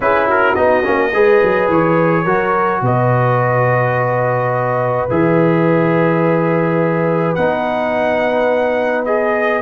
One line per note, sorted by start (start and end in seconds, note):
0.00 0.56 C#4
0.00 0.56 E4
0.00 0.26 G#4
0.00 0.29 B4
0.26 1.11 F#4
0.26 0.54 A#4
0.54 0.84 B3
0.54 0.83 D#4
0.54 1.68 D#5
0.83 1.13 A#3
0.83 1.11 C#4
1.13 1.42 G#3
1.13 2.26 G#4
1.13 2.24 B4
1.42 1.68 F#3
1.68 2.25 E3
1.68 2.84 C#5
2.24 2.81 F#3
2.24 5.09 F#4
2.24 2.81 A#4
2.81 5.07 B2
2.81 9.61 B4
2.81 5.10 D#5
5.10 7.37 E3
5.10 7.36 G#4
5.10 7.34 E5
7.34 9.61 B3
7.34 9.06 D#4
7.34 9.04 F#5
9.05 9.61 G#4
9.05 9.61 D#5